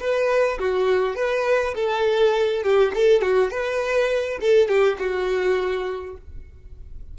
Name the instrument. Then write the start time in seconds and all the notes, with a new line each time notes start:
violin
0.00 B4
0.60 F#4
1.16 B4
1.75 A4
2.63 G4
2.94 A4
3.22 F#4
3.51 B4
4.41 A4
4.68 G4
4.99 F#4